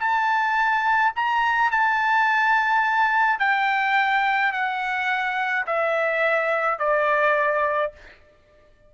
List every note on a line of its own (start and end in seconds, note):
0.00 1.13 A5
1.16 1.72 A#5
1.72 3.40 A5
3.40 4.53 G5
4.53 5.66 F#5
5.67 6.80 E5
6.80 7.93 D5